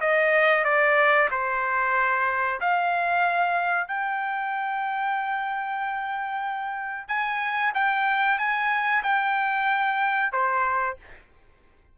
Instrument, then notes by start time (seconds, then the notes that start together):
trumpet
0.00 D#5
0.64 D5
1.30 C5
2.60 F5
3.87 G5
7.08 G#5
7.74 G5
8.38 G#5
9.03 G5
10.32 C5